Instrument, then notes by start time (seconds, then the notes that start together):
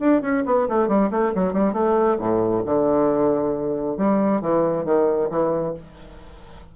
bassoon
0.00 D4
0.22 C#4
0.46 B3
0.69 A3
0.88 G3
1.11 A3
1.35 F#3
1.53 G3
1.73 A3
2.19 A2
2.66 D3
3.98 G3
4.41 E3
4.85 D#3
5.30 E3